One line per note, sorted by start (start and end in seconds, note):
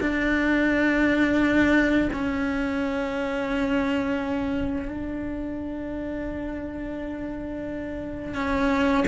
0.00 2.09 D4
2.12 4.88 C#4
4.88 8.34 D4
8.34 9.04 C#4